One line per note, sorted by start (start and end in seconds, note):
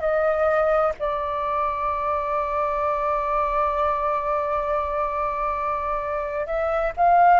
0.00 0.92 D#5
0.99 6.46 D5
6.46 6.92 E5
6.97 7.40 F5